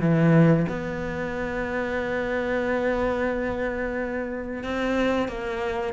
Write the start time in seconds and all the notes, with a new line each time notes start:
0.00 E3
0.68 B3
4.63 C4
5.28 A#3